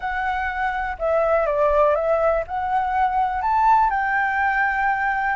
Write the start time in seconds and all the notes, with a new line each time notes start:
0.00 F#5
0.99 E5
1.46 D5
1.95 E5
2.47 F#5
3.41 A5
3.90 G5